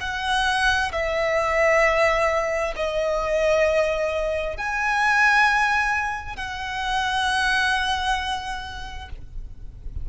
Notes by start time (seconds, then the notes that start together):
0.00 F#5
0.92 E5
2.76 D#5
4.57 G#5
6.36 F#5